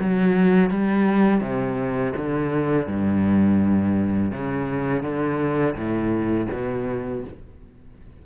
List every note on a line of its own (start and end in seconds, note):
0.00 0.70 F#3
0.70 1.41 G3
1.41 2.13 C3
2.17 2.88 D3
2.88 4.32 G2
4.32 5.03 C#3
5.03 5.75 D3
5.75 6.48 A2
6.52 7.25 B2